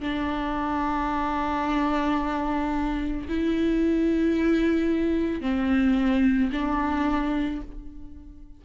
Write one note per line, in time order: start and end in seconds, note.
0.00 3.27 D4
3.28 5.41 E4
5.41 6.50 C4
6.52 7.61 D4